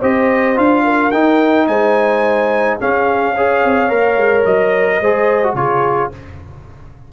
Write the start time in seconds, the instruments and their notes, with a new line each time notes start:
0.00 tuba C4, trombone G4, horn C5, trumpet D#5
0.56 tuba D4, trombone F4, trumpet F5
0.84 horn A#4
1.11 tuba D#4, trombone D#4, trumpet G5
1.67 tuba G#3, horn C5, trumpet G#5
2.80 trombone C#4, tuba C#4, horn G#4, trumpet F5
3.35 trombone G#4, horn C#5
3.65 tuba C4
3.90 tuba A#3, trombone A#4
4.17 tuba G#3
4.45 tuba F#3, trumpet D#5
5.01 tuba G#3, trombone G#4, horn C5
5.43 trombone F#4
5.54 tuba C#3, trombone F4, horn G#4, trumpet C#5